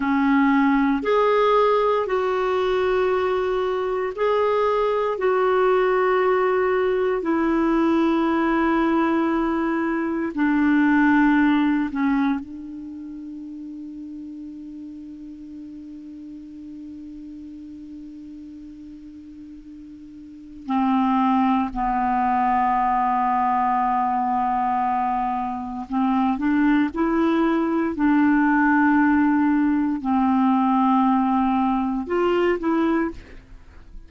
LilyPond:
\new Staff \with { instrumentName = "clarinet" } { \time 4/4 \tempo 4 = 58 cis'4 gis'4 fis'2 | gis'4 fis'2 e'4~ | e'2 d'4. cis'8 | d'1~ |
d'1 | c'4 b2.~ | b4 c'8 d'8 e'4 d'4~ | d'4 c'2 f'8 e'8 | }